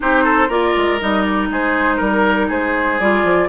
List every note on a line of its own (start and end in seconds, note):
0.00 0.48 C4
0.00 0.49 D#4
0.00 0.23 G4
0.00 0.50 C5
0.23 0.48 A4
0.48 0.73 A#3
0.48 0.99 F4
0.48 1.48 A#4
0.48 1.00 D5
0.76 1.01 G#3
0.99 1.49 G3
0.99 2.99 D#4
0.99 1.22 D#5
1.22 1.47 D5
1.49 1.99 G#3
1.49 1.96 G#4
1.49 2.00 C5
1.96 2.50 G3
1.96 2.46 A#4
1.96 2.50 A#4
2.48 3.00 G#3
2.48 3.48 G#4
2.48 2.99 C5
2.99 3.23 G3
2.99 3.49 F4
2.99 3.49 D5
3.23 3.48 F3